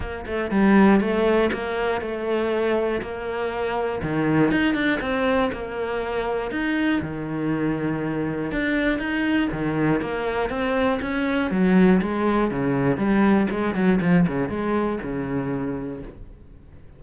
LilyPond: \new Staff \with { instrumentName = "cello" } { \time 4/4 \tempo 4 = 120 ais8 a8 g4 a4 ais4 | a2 ais2 | dis4 dis'8 d'8 c'4 ais4~ | ais4 dis'4 dis2~ |
dis4 d'4 dis'4 dis4 | ais4 c'4 cis'4 fis4 | gis4 cis4 g4 gis8 fis8 | f8 cis8 gis4 cis2 | }